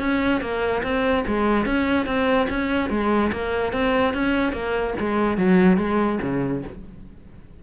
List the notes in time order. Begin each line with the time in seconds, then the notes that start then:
0.00 C#4
0.41 A#3
0.84 C4
1.28 G#3
1.66 C#4
2.07 C4
2.50 C#4
2.91 G#3
3.33 A#3
3.73 C4
4.14 C#4
4.53 A#3
5.00 G#3
5.38 F#3
5.78 G#3
6.22 C#3